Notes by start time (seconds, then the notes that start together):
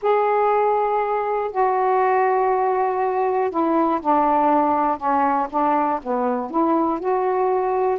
0.02 G#4
1.51 F#4
3.50 E4
4.00 D4
4.97 C#4
5.50 D4
6.02 B3
6.50 E4
6.99 F#4